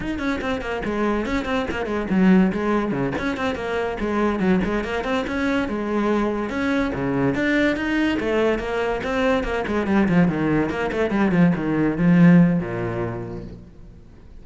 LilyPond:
\new Staff \with { instrumentName = "cello" } { \time 4/4 \tempo 4 = 143 dis'8 cis'8 c'8 ais8 gis4 cis'8 c'8 | ais8 gis8 fis4 gis4 cis8 cis'8 | c'8 ais4 gis4 fis8 gis8 ais8 | c'8 cis'4 gis2 cis'8~ |
cis'8 cis4 d'4 dis'4 a8~ | a8 ais4 c'4 ais8 gis8 g8 | f8 dis4 ais8 a8 g8 f8 dis8~ | dis8 f4. ais,2 | }